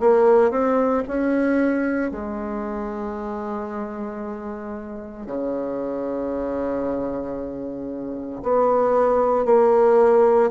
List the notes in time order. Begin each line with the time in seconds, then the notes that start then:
0.00 A#3
0.51 C4
1.08 C#4
2.11 G#3
5.26 C#3
8.43 B3
9.45 A#3